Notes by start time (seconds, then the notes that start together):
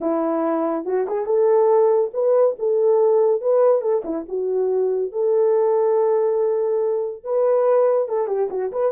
0.00 E4
0.85 F#4
1.07 G#4
1.25 A4
2.13 B4
2.58 A4
3.41 B4
3.81 A4
4.04 E4
4.28 F#4
5.12 A4
7.24 B4
8.08 A4
8.27 G4
8.50 F#4
8.72 B4